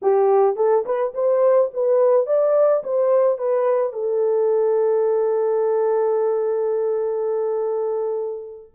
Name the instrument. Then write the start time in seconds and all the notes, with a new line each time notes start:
horn
0.02 G4
0.56 A4
0.85 B4
1.14 C5
1.73 B4
2.26 D5
2.83 C5
3.38 B4
3.92 A4